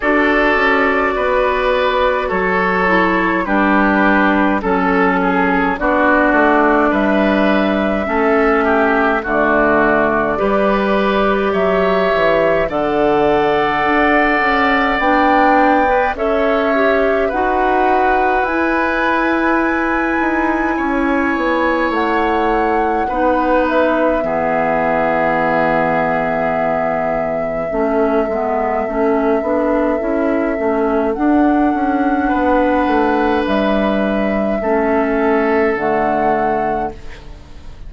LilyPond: <<
  \new Staff \with { instrumentName = "flute" } { \time 4/4 \tempo 4 = 52 d''2 cis''4 b'4 | a'4 d''4 e''2 | d''2 e''4 fis''4~ | fis''4 g''4 e''4 fis''4 |
gis''2. fis''4~ | fis''8 e''2.~ e''8~ | e''2. fis''4~ | fis''4 e''2 fis''4 | }
  \new Staff \with { instrumentName = "oboe" } { \time 4/4 a'4 b'4 a'4 g'4 | a'8 gis'8 fis'4 b'4 a'8 g'8 | fis'4 b'4 cis''4 d''4~ | d''2 cis''4 b'4~ |
b'2 cis''2 | b'4 gis'2. | a'1 | b'2 a'2 | }
  \new Staff \with { instrumentName = "clarinet" } { \time 4/4 fis'2~ fis'8 e'8 d'4 | cis'4 d'2 cis'4 | a4 g'2 a'4~ | a'4 d'8. b'16 a'8 g'8 fis'4 |
e'1 | dis'4 b2. | cis'8 b8 cis'8 d'8 e'8 cis'8 d'4~ | d'2 cis'4 a4 | }
  \new Staff \with { instrumentName = "bassoon" } { \time 4/4 d'8 cis'8 b4 fis4 g4 | fis4 b8 a8 g4 a4 | d4 g4 fis8 e8 d4 | d'8 cis'8 b4 cis'4 dis'4 |
e'4. dis'8 cis'8 b8 a4 | b4 e2. | a8 gis8 a8 b8 cis'8 a8 d'8 cis'8 | b8 a8 g4 a4 d4 | }
>>